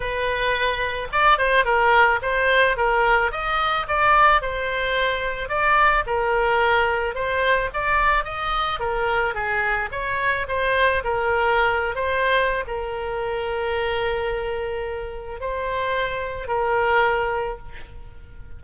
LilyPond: \new Staff \with { instrumentName = "oboe" } { \time 4/4 \tempo 4 = 109 b'2 d''8 c''8 ais'4 | c''4 ais'4 dis''4 d''4 | c''2 d''4 ais'4~ | ais'4 c''4 d''4 dis''4 |
ais'4 gis'4 cis''4 c''4 | ais'4.~ ais'16 c''4~ c''16 ais'4~ | ais'1 | c''2 ais'2 | }